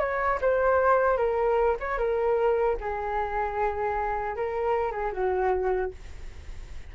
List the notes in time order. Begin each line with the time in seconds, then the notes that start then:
0.00 C#5
0.42 C5
1.18 A#4
1.81 C#5
1.98 A#4
2.81 G#4
4.37 A#4
4.92 G#4
5.13 F#4